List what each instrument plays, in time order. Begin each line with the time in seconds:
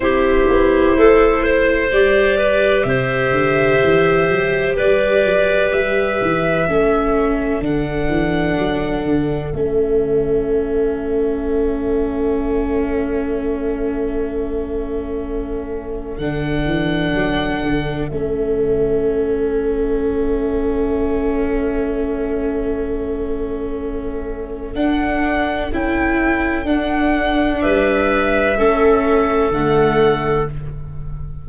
0.00 tuba C4, viola E4, clarinet G4, violin C5
0.48 tuba B3
0.96 tuba A3, clarinet A4
1.43 clarinet C5
1.91 tuba G3, viola G4, violin D5
2.37 clarinet B4
2.83 tuba C3, clarinet C5, violin E5
3.31 tuba D3
3.83 tuba E3
4.29 tuba F#3
4.76 tuba G3, clarinet B4, violin D5
5.24 tuba F#3
5.72 tuba G3, violin E5
6.21 tuba E3
6.67 tuba A3, viola C#4, clarinet A4
7.60 tuba D3, viola D4, violin F#5
8.08 tuba E3
8.58 tuba F#3
9.05 tuba D3
9.53 tuba A3, viola C#4, violin E5
16.18 tuba D3, viola D4, violin F#5
16.65 tuba E3
17.13 tuba F#3
17.62 tuba D3
18.08 tuba A3, viola C#4, violin E5
24.74 viola D4, tuba D4, violin F#5
25.72 tuba C#4, viola E4, violin G5
26.64 tuba D4, viola D4, violin F#5
27.61 tuba G3, clarinet B4, violin E5
28.57 tuba A3, viola C#4, clarinet A4
29.50 tuba D3, viola A3, violin F#5